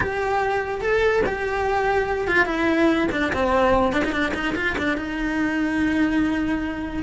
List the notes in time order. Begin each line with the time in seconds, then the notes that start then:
0.00 G4
0.81 A4
1.26 G4
2.27 F4
2.45 E4
3.11 D4
3.32 C4
3.92 D4
4.03 D#4
4.12 D4
4.34 D#4
4.55 F4
4.78 D4
4.97 D#4